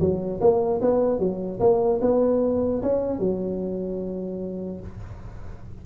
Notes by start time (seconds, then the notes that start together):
0.00 F#3
0.41 A#3
0.81 B3
1.20 F#3
1.60 A#3
2.01 B3
2.83 C#4
3.19 F#3